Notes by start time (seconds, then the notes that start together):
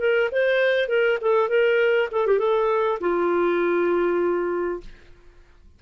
0.00 A#4
0.32 C5
0.89 A#4
1.21 A4
1.49 A#4
2.12 A4
2.27 G4
2.39 A4
3.01 F4